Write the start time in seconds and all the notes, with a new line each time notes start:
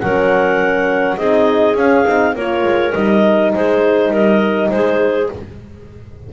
0.00 F#3 C#4 A#4 F#5
1.17 C4 D#4 G#4 D#5
1.75 C#4 F5
2.06 C4 D#4
2.34 A#3 F4 A#4 C#5
2.64 G#3
2.93 G3 D#4 D#5
3.54 G#3 G#4 C5
4.10 G3 A#4 D#5
4.69 G#3 G#4 C5